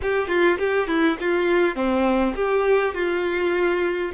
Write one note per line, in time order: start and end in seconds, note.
0.02 0.28 G4
0.28 0.57 F4
0.58 0.87 G4
0.87 1.17 E4
1.20 1.75 F4
1.75 2.34 C4
2.35 2.94 G4
2.94 4.12 F4